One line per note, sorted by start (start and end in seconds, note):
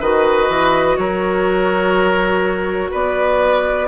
0.00 0.49 D#3
0.00 3.88 F#4
0.00 0.97 B4
0.00 0.97 D#5
0.49 0.97 E3
0.97 2.91 F#3
0.97 2.91 A#4
0.97 2.90 C#5
2.91 3.88 B3
2.91 3.88 B4
2.91 3.88 D5